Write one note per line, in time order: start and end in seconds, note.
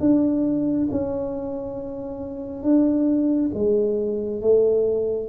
0.00 0.88 D4
0.91 2.63 C#4
2.63 3.51 D4
3.54 4.41 G#3
4.41 5.29 A3